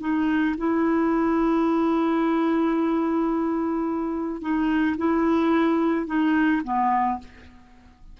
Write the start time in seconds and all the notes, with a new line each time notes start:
0.00 D#4
0.57 E4
4.41 D#4
4.97 E4
6.07 D#4
6.64 B3